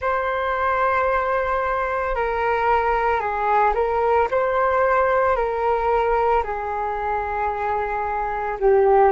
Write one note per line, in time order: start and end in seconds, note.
0.00 2.15 C5
2.15 3.19 A#4
3.19 3.73 G#4
3.74 4.28 A#4
4.31 5.36 C5
5.36 6.43 A#4
6.43 8.58 G#4
8.59 9.11 G4